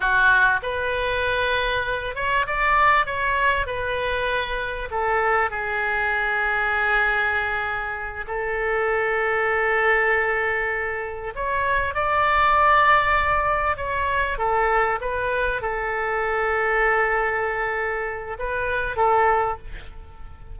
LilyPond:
\new Staff \with { instrumentName = "oboe" } { \time 4/4 \tempo 4 = 98 fis'4 b'2~ b'8 cis''8 | d''4 cis''4 b'2 | a'4 gis'2.~ | gis'4. a'2~ a'8~ |
a'2~ a'8 cis''4 d''8~ | d''2~ d''8 cis''4 a'8~ | a'8 b'4 a'2~ a'8~ | a'2 b'4 a'4 | }